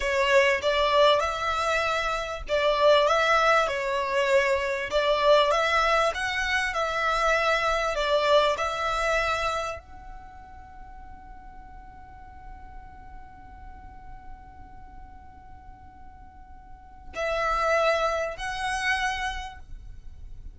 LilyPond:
\new Staff \with { instrumentName = "violin" } { \time 4/4 \tempo 4 = 98 cis''4 d''4 e''2 | d''4 e''4 cis''2 | d''4 e''4 fis''4 e''4~ | e''4 d''4 e''2 |
fis''1~ | fis''1~ | fis''1 | e''2 fis''2 | }